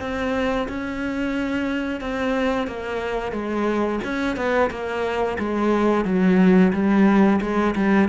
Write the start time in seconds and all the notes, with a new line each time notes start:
0.00 C4
0.68 C#4
2.01 C4
2.67 A#3
3.32 G#3
4.04 C#4
4.36 B3
4.70 A#3
5.39 G#3
6.05 F#3
6.73 G3
7.41 G#3
7.76 G3